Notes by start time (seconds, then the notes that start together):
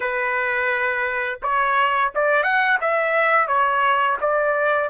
0.00 B4
1.42 C#5
2.14 D5
2.43 F#5
2.81 E5
3.47 C#5
4.21 D5